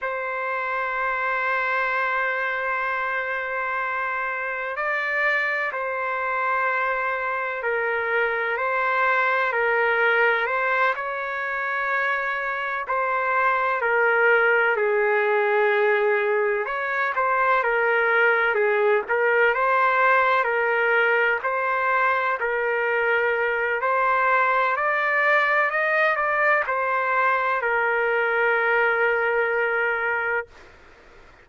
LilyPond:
\new Staff \with { instrumentName = "trumpet" } { \time 4/4 \tempo 4 = 63 c''1~ | c''4 d''4 c''2 | ais'4 c''4 ais'4 c''8 cis''8~ | cis''4. c''4 ais'4 gis'8~ |
gis'4. cis''8 c''8 ais'4 gis'8 | ais'8 c''4 ais'4 c''4 ais'8~ | ais'4 c''4 d''4 dis''8 d''8 | c''4 ais'2. | }